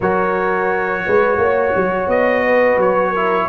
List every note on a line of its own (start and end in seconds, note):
0.00 1.05 F#3
0.00 3.15 F#4
0.00 1.04 A#4
0.00 2.09 C#5
1.05 1.37 G#3
1.05 1.40 B4
1.37 1.72 A#3
1.37 2.45 C#5
1.75 2.07 F#3
2.07 2.76 B3
2.07 2.79 D#5
2.45 3.10 B4
2.76 3.46 F#3
2.76 3.49 C#5
3.10 3.49 E4
3.10 3.45 A#4